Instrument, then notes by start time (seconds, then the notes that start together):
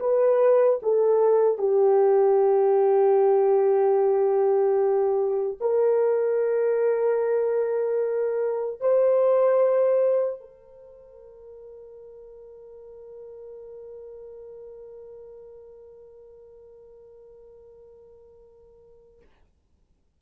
horn
0.00 B4
0.83 A4
1.58 G4
5.61 A#4
8.81 C5
10.41 A#4